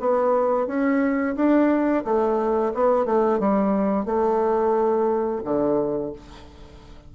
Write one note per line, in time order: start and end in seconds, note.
0.00 0.67 B3
0.67 1.35 C#4
1.36 2.04 D4
2.05 2.73 A3
2.74 3.06 B3
3.06 3.39 A3
3.39 4.05 G3
4.05 5.42 A3
5.45 6.13 D3